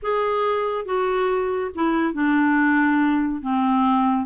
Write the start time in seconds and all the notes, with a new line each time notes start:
0.02 G#4
0.85 F#4
1.75 E4
2.13 D4
3.41 C4